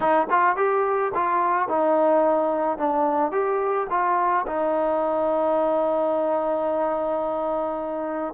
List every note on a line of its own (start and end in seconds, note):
0.00 0.27 D#4
0.30 0.56 F4
0.56 1.12 G4
1.14 1.68 F4
1.68 2.78 D#4
2.78 3.31 D4
3.31 3.87 G4
3.90 4.45 F4
4.46 8.34 D#4